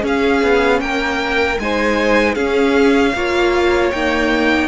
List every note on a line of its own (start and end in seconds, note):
0.00 1.56 C#4
0.00 0.42 C#4
0.00 0.81 G#4
0.06 0.80 F5
0.42 0.80 B3
0.80 1.58 A#3
0.80 1.61 A#4
0.80 1.58 G5
1.59 2.35 G#3
1.59 2.36 D#4
1.59 2.34 C5
1.59 2.34 G#5
2.34 3.13 C#4
2.34 3.14 C#4
2.34 3.12 G#4
2.34 3.90 F5
3.14 3.92 A#3
3.14 3.94 F4
3.14 4.67 C#5
3.91 4.67 A#3
3.91 4.67 D#4
3.91 4.67 G5